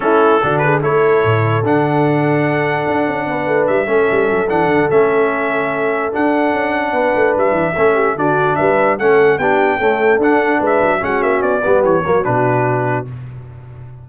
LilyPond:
<<
  \new Staff \with { instrumentName = "trumpet" } { \time 4/4 \tempo 4 = 147 a'4. b'8 cis''2 | fis''1~ | fis''4 e''2 fis''4 | e''2. fis''4~ |
fis''2 e''2 | d''4 e''4 fis''4 g''4~ | g''4 fis''4 e''4 fis''8 e''8 | d''4 cis''4 b'2 | }
  \new Staff \with { instrumentName = "horn" } { \time 4/4 e'4 fis'8 gis'8 a'2~ | a'1 | b'4. a'2~ a'8~ | a'1~ |
a'4 b'2 a'8 g'8 | fis'4 b'4 a'4 g'4 | a'2 b'4 fis'4~ | fis'8 g'4 fis'2~ fis'8 | }
  \new Staff \with { instrumentName = "trombone" } { \time 4/4 cis'4 d'4 e'2 | d'1~ | d'4. cis'4. d'4 | cis'2. d'4~ |
d'2. cis'4 | d'2 cis'4 d'4 | a4 d'2 cis'4~ | cis'8 b4 ais8 d'2 | }
  \new Staff \with { instrumentName = "tuba" } { \time 4/4 a4 d4 a4 a,4 | d2. d'8 cis'8 | b8 a8 g8 a8 g8 fis8 e8 d8 | a2. d'4 |
cis'4 b8 a8 g8 e8 a4 | d4 g4 a4 b4 | cis'4 d'4 gis8 fis8 gis8 ais8 | b8 g8 e8 fis8 b,2 | }
>>